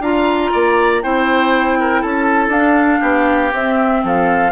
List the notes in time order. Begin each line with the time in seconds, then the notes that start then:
0.00 D4 F4 F5 A#5
0.52 A#3 D5
1.02 C4 E4 C5 G5
1.80 A#4
2.01 C#4 A4 A5
2.48 D4 F5
2.55 D4
3.00 B3 G4
3.51 C4 E5
4.04 F3 A4 F5